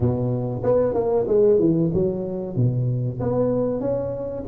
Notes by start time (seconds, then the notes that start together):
0.00 B2
0.63 B3
0.94 A#3
1.27 G#3
1.59 E3
1.93 F#3
2.55 B2
3.19 B3
3.80 C#4